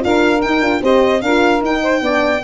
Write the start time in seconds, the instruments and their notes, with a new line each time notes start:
0.00 tuba D4, horn F4, saxophone A#4, violin F5
0.41 tuba D#4, horn D#4, violin G5
0.60 tuba D4, horn F4
0.82 tuba C4, horn G4, saxophone C5, violin D#5
1.21 tuba D4, horn F4, saxophone A#4, violin F5
1.61 tuba D#4, horn D#4, violin G5
1.82 saxophone C5
2.01 tuba B3, horn D4, saxophone D5